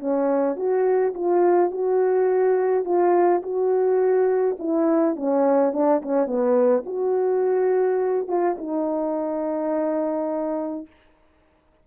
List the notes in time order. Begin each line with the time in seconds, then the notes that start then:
0.00 C#4
0.57 F#4
1.15 F4
1.72 F#4
2.85 F4
3.43 F#4
4.59 E4
5.16 C#4
5.73 D4
6.03 C#4
6.27 B3
6.86 F#4
8.28 F4
8.58 D#4